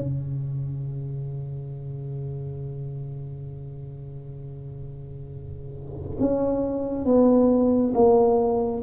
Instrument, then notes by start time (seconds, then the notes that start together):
tuba
0.00 C#3
6.20 C#4
7.05 B3
7.95 A#3